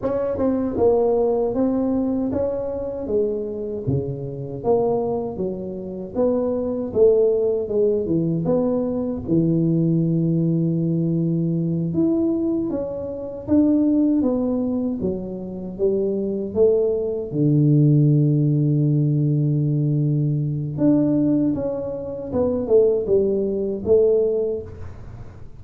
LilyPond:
\new Staff \with { instrumentName = "tuba" } { \time 4/4 \tempo 4 = 78 cis'8 c'8 ais4 c'4 cis'4 | gis4 cis4 ais4 fis4 | b4 a4 gis8 e8 b4 | e2.~ e8 e'8~ |
e'8 cis'4 d'4 b4 fis8~ | fis8 g4 a4 d4.~ | d2. d'4 | cis'4 b8 a8 g4 a4 | }